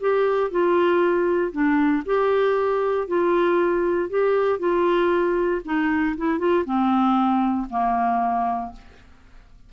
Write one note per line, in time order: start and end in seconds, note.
0.00 0.51 G4
0.51 1.52 F4
1.52 2.03 D4
2.05 3.07 G4
3.07 4.10 F4
4.10 4.59 G4
4.59 5.61 F4
5.64 6.16 D#4
6.17 6.38 E4
6.38 6.64 F4
6.65 7.67 C4
7.69 8.72 A#3